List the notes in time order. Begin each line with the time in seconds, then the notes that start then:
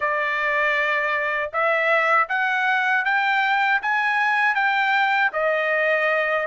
0.00 D5
1.52 E5
2.28 F#5
3.04 G5
3.81 G#5
4.54 G5
5.33 D#5